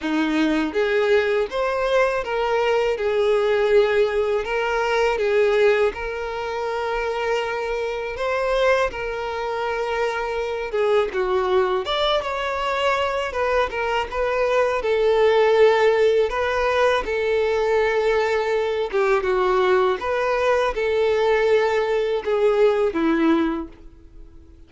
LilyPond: \new Staff \with { instrumentName = "violin" } { \time 4/4 \tempo 4 = 81 dis'4 gis'4 c''4 ais'4 | gis'2 ais'4 gis'4 | ais'2. c''4 | ais'2~ ais'8 gis'8 fis'4 |
d''8 cis''4. b'8 ais'8 b'4 | a'2 b'4 a'4~ | a'4. g'8 fis'4 b'4 | a'2 gis'4 e'4 | }